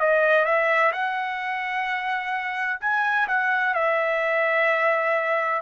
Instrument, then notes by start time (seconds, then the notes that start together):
trumpet
0.00 D#5
0.45 E5
0.92 F#5
2.81 G#5
3.28 F#5
3.74 E5